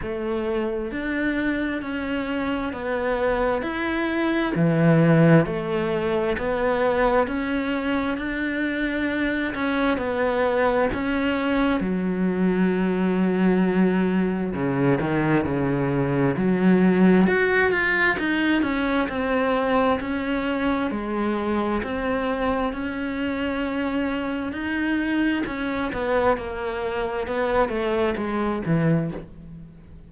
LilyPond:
\new Staff \with { instrumentName = "cello" } { \time 4/4 \tempo 4 = 66 a4 d'4 cis'4 b4 | e'4 e4 a4 b4 | cis'4 d'4. cis'8 b4 | cis'4 fis2. |
cis8 dis8 cis4 fis4 fis'8 f'8 | dis'8 cis'8 c'4 cis'4 gis4 | c'4 cis'2 dis'4 | cis'8 b8 ais4 b8 a8 gis8 e8 | }